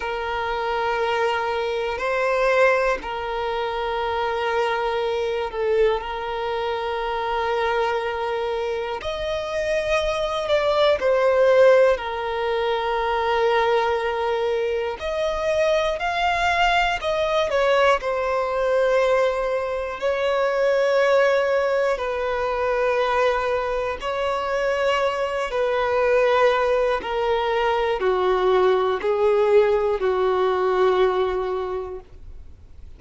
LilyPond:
\new Staff \with { instrumentName = "violin" } { \time 4/4 \tempo 4 = 60 ais'2 c''4 ais'4~ | ais'4. a'8 ais'2~ | ais'4 dis''4. d''8 c''4 | ais'2. dis''4 |
f''4 dis''8 cis''8 c''2 | cis''2 b'2 | cis''4. b'4. ais'4 | fis'4 gis'4 fis'2 | }